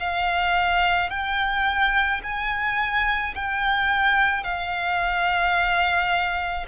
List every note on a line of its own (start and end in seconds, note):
0.00 1.11 F5
1.11 2.22 G5
2.24 3.35 G#5
3.36 4.44 G5
4.44 6.67 F5